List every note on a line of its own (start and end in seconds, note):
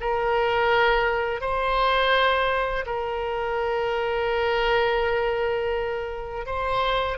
0.00 1.40 A#4
1.40 2.85 C5
2.86 6.46 A#4
6.46 7.18 C5